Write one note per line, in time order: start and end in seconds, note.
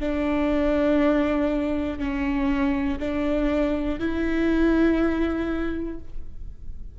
0.00 1.99 D4
1.99 2.99 C#4
3.00 3.99 D4
3.99 5.99 E4